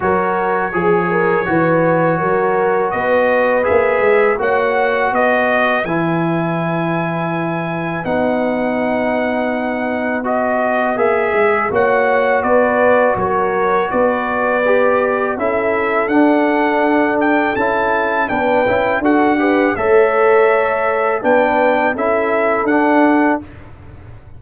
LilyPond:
<<
  \new Staff \with { instrumentName = "trumpet" } { \time 4/4 \tempo 4 = 82 cis''1 | dis''4 e''4 fis''4 dis''4 | gis''2. fis''4~ | fis''2 dis''4 e''4 |
fis''4 d''4 cis''4 d''4~ | d''4 e''4 fis''4. g''8 | a''4 g''4 fis''4 e''4~ | e''4 g''4 e''4 fis''4 | }
  \new Staff \with { instrumentName = "horn" } { \time 4/4 ais'4 gis'8 ais'8 b'4 ais'4 | b'2 cis''4 b'4~ | b'1~ | b'1 |
cis''4 b'4 ais'4 b'4~ | b'4 a'2.~ | a'4 b'4 a'8 b'8 cis''4~ | cis''4 b'4 a'2 | }
  \new Staff \with { instrumentName = "trombone" } { \time 4/4 fis'4 gis'4 fis'2~ | fis'4 gis'4 fis'2 | e'2. dis'4~ | dis'2 fis'4 gis'4 |
fis'1 | g'4 e'4 d'2 | e'4 d'8 e'8 fis'8 g'8 a'4~ | a'4 d'4 e'4 d'4 | }
  \new Staff \with { instrumentName = "tuba" } { \time 4/4 fis4 f4 e4 fis4 | b4 ais8 gis8 ais4 b4 | e2. b4~ | b2. ais8 gis8 |
ais4 b4 fis4 b4~ | b4 cis'4 d'2 | cis'4 b8 cis'8 d'4 a4~ | a4 b4 cis'4 d'4 | }
>>